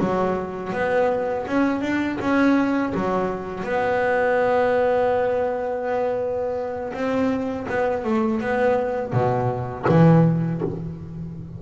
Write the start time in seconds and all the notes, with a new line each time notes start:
0.00 F#3
0.74 B3
1.47 C#4
1.82 D4
2.21 C#4
2.95 F#3
3.64 B3
6.94 C4
7.70 B3
8.05 A3
8.41 B3
9.13 B2
9.89 E3